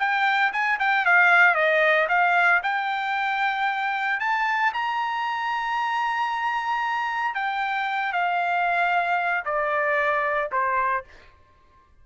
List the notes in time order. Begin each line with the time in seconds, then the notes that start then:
0.00 G5
0.53 G#5
0.80 G5
1.06 F5
1.55 D#5
2.09 F5
2.64 G5
4.20 A5
4.74 A#5
7.35 G5
8.13 F5
9.45 D5
10.52 C5